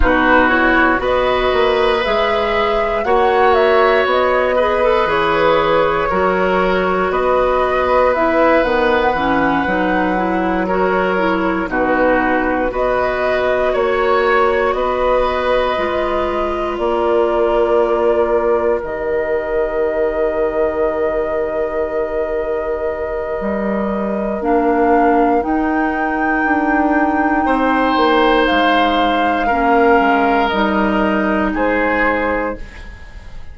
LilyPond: <<
  \new Staff \with { instrumentName = "flute" } { \time 4/4 \tempo 4 = 59 b'8 cis''8 dis''4 e''4 fis''8 e''8 | dis''4 cis''2 dis''4 | e''8 fis''2 cis''4 b'8~ | b'8 dis''4 cis''4 dis''4.~ |
dis''8 d''2 dis''4.~ | dis''1 | f''4 g''2. | f''2 dis''4 c''4 | }
  \new Staff \with { instrumentName = "oboe" } { \time 4/4 fis'4 b'2 cis''4~ | cis''8 b'4. ais'4 b'4~ | b'2~ b'8 ais'4 fis'8~ | fis'8 b'4 cis''4 b'4.~ |
b'8 ais'2.~ ais'8~ | ais'1~ | ais'2. c''4~ | c''4 ais'2 gis'4 | }
  \new Staff \with { instrumentName = "clarinet" } { \time 4/4 dis'8 e'8 fis'4 gis'4 fis'4~ | fis'8 gis'16 a'16 gis'4 fis'2 | e'8 b8 cis'8 dis'8 e'8 fis'8 e'8 dis'8~ | dis'8 fis'2. f'8~ |
f'2~ f'8 g'4.~ | g'1 | d'4 dis'2.~ | dis'4 cis'4 dis'2 | }
  \new Staff \with { instrumentName = "bassoon" } { \time 4/4 b,4 b8 ais8 gis4 ais4 | b4 e4 fis4 b4~ | b8 dis8 e8 fis2 b,8~ | b,8 b4 ais4 b4 gis8~ |
gis8 ais2 dis4.~ | dis2. g4 | ais4 dis'4 d'4 c'8 ais8 | gis4 ais8 gis8 g4 gis4 | }
>>